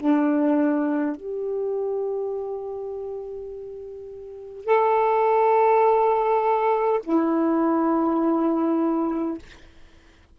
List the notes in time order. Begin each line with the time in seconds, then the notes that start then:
0.00 D4
1.17 G4
4.65 A4
7.03 E4